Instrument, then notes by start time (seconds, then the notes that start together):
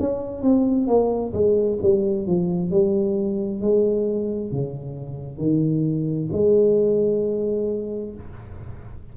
tuba
0.00 C#4
0.43 C4
0.88 A#3
1.33 G#3
1.83 G3
2.27 F3
2.71 G3
3.62 G#3
4.52 C#3
5.38 D#3
6.33 G#3